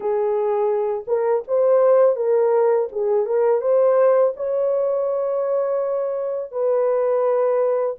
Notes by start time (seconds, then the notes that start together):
0.00 G#4
1.07 A#4
1.47 C5
2.16 A#4
2.91 G#4
3.26 A#4
3.61 C5
4.36 C#5
6.51 B4